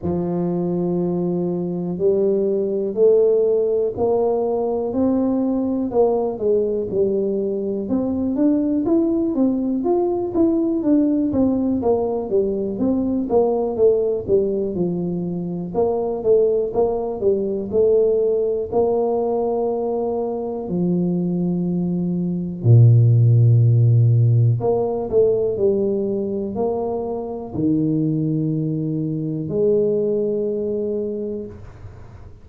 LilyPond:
\new Staff \with { instrumentName = "tuba" } { \time 4/4 \tempo 4 = 61 f2 g4 a4 | ais4 c'4 ais8 gis8 g4 | c'8 d'8 e'8 c'8 f'8 e'8 d'8 c'8 | ais8 g8 c'8 ais8 a8 g8 f4 |
ais8 a8 ais8 g8 a4 ais4~ | ais4 f2 ais,4~ | ais,4 ais8 a8 g4 ais4 | dis2 gis2 | }